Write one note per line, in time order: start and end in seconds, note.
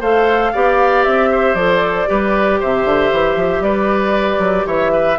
0.00 0.52 A3
0.00 0.54 A4
0.00 0.52 C5
0.00 1.04 F5
0.52 1.06 B3
0.52 1.57 G4
0.52 1.30 D5
1.04 1.54 C4
1.04 1.54 E5
1.31 2.09 C5
1.54 2.06 F3
1.54 2.06 A4
1.54 2.58 D5
2.06 2.62 G3
2.06 5.17 G4
2.06 2.60 B4
2.60 2.85 C3
2.60 3.63 C5
2.60 3.63 E5
2.85 3.10 D3
3.12 3.36 E3
3.36 3.60 F3
3.60 4.38 G3
3.60 4.66 B4
3.60 4.66 D5
4.38 4.64 F#3
4.66 5.17 E3
4.66 4.92 C#5
4.66 5.18 E5
4.93 5.18 B4